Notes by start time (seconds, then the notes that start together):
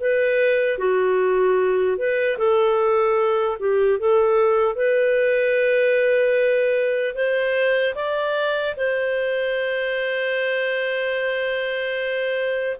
0.00 B4
0.79 F#4
1.97 B4
2.38 A4
3.60 G4
3.99 A4
4.75 B4
7.15 C5
7.95 D5
8.77 C5